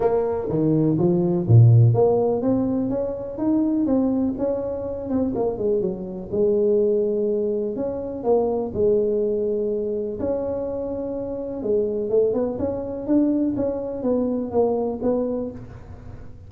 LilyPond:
\new Staff \with { instrumentName = "tuba" } { \time 4/4 \tempo 4 = 124 ais4 dis4 f4 ais,4 | ais4 c'4 cis'4 dis'4 | c'4 cis'4. c'8 ais8 gis8 | fis4 gis2. |
cis'4 ais4 gis2~ | gis4 cis'2. | gis4 a8 b8 cis'4 d'4 | cis'4 b4 ais4 b4 | }